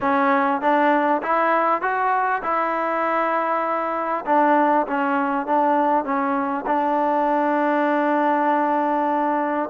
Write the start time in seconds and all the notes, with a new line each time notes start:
0.00 C#4
0.61 D4
1.22 E4
1.81 F#4
2.42 E4
4.25 D4
4.87 C#4
5.46 D4
6.04 C#4
6.66 D4